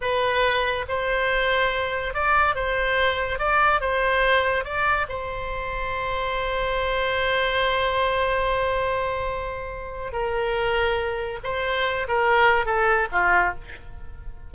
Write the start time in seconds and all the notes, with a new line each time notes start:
0.01 B4
0.88 C5
2.14 D5
2.55 C5
3.38 D5
3.80 C5
4.64 D5
5.09 C5
10.12 A#4
11.43 C5
12.07 A#4
12.65 A4
13.12 F4